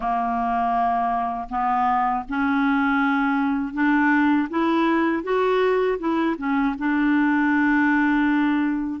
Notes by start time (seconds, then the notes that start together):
0.00 A#3
1.49 B3
2.29 C#4
3.73 D4
4.49 E4
5.23 F#4
5.98 E4
6.37 C#4
6.78 D4